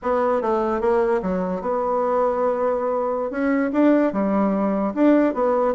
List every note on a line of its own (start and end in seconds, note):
0.02 0.41 B3
0.41 0.80 A3
0.80 1.20 A#3
1.22 1.61 F#3
1.61 3.30 B3
3.30 3.70 C#4
3.72 4.13 D4
4.13 4.93 G3
4.94 5.34 D4
5.34 5.74 B3